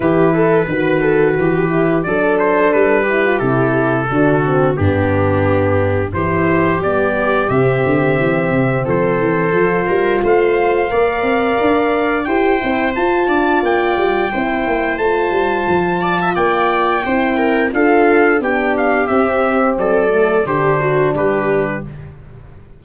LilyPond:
<<
  \new Staff \with { instrumentName = "trumpet" } { \time 4/4 \tempo 4 = 88 b'2. d''8 c''8 | b'4 a'2 g'4~ | g'4 c''4 d''4 e''4~ | e''4 c''2 f''4~ |
f''2 g''4 a''4 | g''2 a''2 | g''2 f''4 g''8 f''8 | e''4 d''4 c''4 b'4 | }
  \new Staff \with { instrumentName = "viola" } { \time 4/4 g'8 a'8 b'8 a'8 g'4 a'4~ | a'8 g'4. fis'4 d'4~ | d'4 g'2.~ | g'4 a'4. ais'8 c''4 |
d''2 c''4. d''8~ | d''4 c''2~ c''8 d''16 e''16 | d''4 c''8 ais'8 a'4 g'4~ | g'4 a'4 g'8 fis'8 g'4 | }
  \new Staff \with { instrumentName = "horn" } { \time 4/4 e'4 fis'4. e'8 d'4~ | d'8 e'16 f'16 e'4 d'8 c'8 b4~ | b4 e'4 b4 c'4~ | c'2 f'2 |
ais'2 g'8 e'8 f'4~ | f'4 e'4 f'2~ | f'4 e'4 f'4 d'4 | c'4. a8 d'2 | }
  \new Staff \with { instrumentName = "tuba" } { \time 4/4 e4 dis4 e4 fis4 | g4 c4 d4 g,4~ | g,4 e4 g4 c8 d8 | e8 c8 f8 e8 f8 g8 a4 |
ais8 c'8 d'4 e'8 c'8 f'8 d'8 | ais8 g8 c'8 ais8 a8 g8 f4 | ais4 c'4 d'4 b4 | c'4 fis4 d4 g4 | }
>>